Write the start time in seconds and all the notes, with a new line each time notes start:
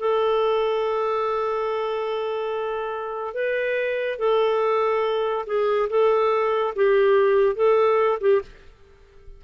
0.00 A4
3.34 B4
4.19 A4
5.47 G#4
5.90 A4
6.76 G4
7.56 A4
8.21 G4